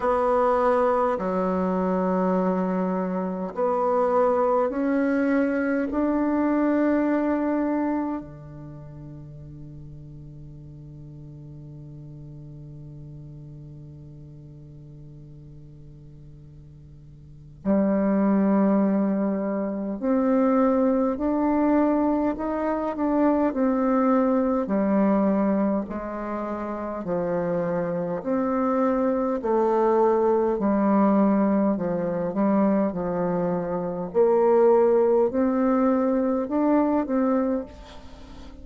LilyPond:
\new Staff \with { instrumentName = "bassoon" } { \time 4/4 \tempo 4 = 51 b4 fis2 b4 | cis'4 d'2 d4~ | d1~ | d2. g4~ |
g4 c'4 d'4 dis'8 d'8 | c'4 g4 gis4 f4 | c'4 a4 g4 f8 g8 | f4 ais4 c'4 d'8 c'8 | }